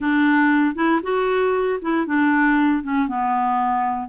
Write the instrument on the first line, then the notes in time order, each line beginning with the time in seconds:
clarinet
0.00 D4
0.75 E4
1.02 F#4
1.81 E4
2.06 D4
2.83 C#4
3.08 B3